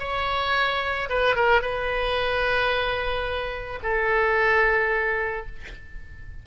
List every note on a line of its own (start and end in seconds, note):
0.00 1.09 C#5
1.10 1.36 B4
1.36 1.62 A#4
1.62 3.80 B4
3.83 5.47 A4